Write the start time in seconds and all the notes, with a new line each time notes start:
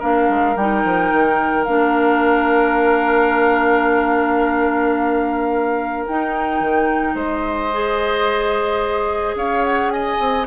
0.00 A#3 D4 A#4 F5
0.30 G#3
0.56 G3 D#4 G5
0.85 F3
1.12 D#3
1.65 A#3 D4 F5
6.07 D#4 G5
6.61 D#3
7.15 G#3 C5 D#5
7.72 G#4
9.35 C#4 C#5 F5
9.65 F#5
9.91 D#5 G#5
10.20 C4